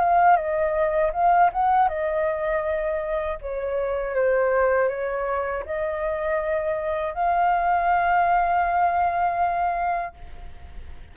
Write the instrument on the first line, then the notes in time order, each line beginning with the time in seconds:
flute
0.00 F5
0.37 D#5
1.13 F5
1.53 F#5
1.89 D#5
3.42 C#5
4.15 C5
4.89 C#5
5.66 D#5
7.15 F5